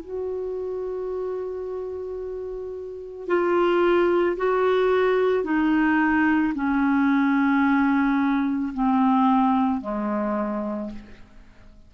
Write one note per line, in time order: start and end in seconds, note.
0.00 3.27 F#4
3.27 4.36 F4
4.36 5.43 F#4
5.43 6.53 D#4
6.55 8.73 C#4
8.73 9.80 C4
9.80 10.89 G#3